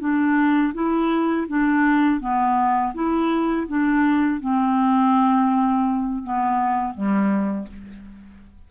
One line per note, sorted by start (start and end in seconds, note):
0.00 0.73 D4
0.74 1.47 E4
1.48 2.20 D4
2.20 2.93 B3
2.94 3.67 E4
3.68 4.40 D4
4.40 6.23 C4
6.24 6.94 B3
6.94 7.68 G3